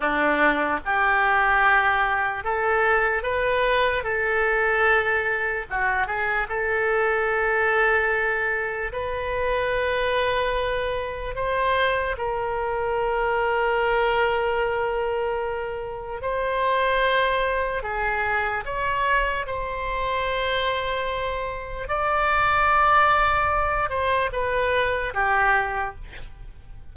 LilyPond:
\new Staff \with { instrumentName = "oboe" } { \time 4/4 \tempo 4 = 74 d'4 g'2 a'4 | b'4 a'2 fis'8 gis'8 | a'2. b'4~ | b'2 c''4 ais'4~ |
ais'1 | c''2 gis'4 cis''4 | c''2. d''4~ | d''4. c''8 b'4 g'4 | }